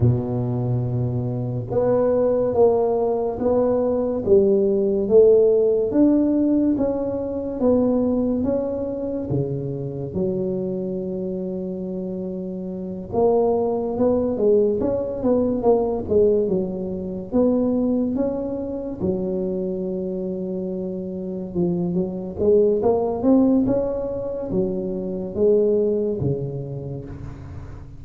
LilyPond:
\new Staff \with { instrumentName = "tuba" } { \time 4/4 \tempo 4 = 71 b,2 b4 ais4 | b4 g4 a4 d'4 | cis'4 b4 cis'4 cis4 | fis2.~ fis8 ais8~ |
ais8 b8 gis8 cis'8 b8 ais8 gis8 fis8~ | fis8 b4 cis'4 fis4.~ | fis4. f8 fis8 gis8 ais8 c'8 | cis'4 fis4 gis4 cis4 | }